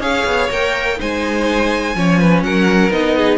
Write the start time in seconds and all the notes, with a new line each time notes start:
0.00 C#4 G#4 C#5 F5
0.26 B3
0.51 A#3 A#4 G5
0.98 G#3 D#4 C5 G#5
1.96 F3 C#4 C#5
2.20 B4
2.43 F#3 A#4 F#5
2.91 B3 D#4 D#5
3.18 G#4